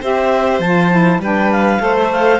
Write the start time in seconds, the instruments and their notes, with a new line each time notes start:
0.00 cello C4, saxophone G4, violin C5, clarinet E5
0.59 cello F3, saxophone F4, clarinet A5
0.91 saxophone E4
1.19 cello G3, saxophone D4, violin B4, clarinet G5
1.51 clarinet F5
1.79 cello A3, saxophone A4, violin C5
1.97 clarinet E5
2.11 clarinet F5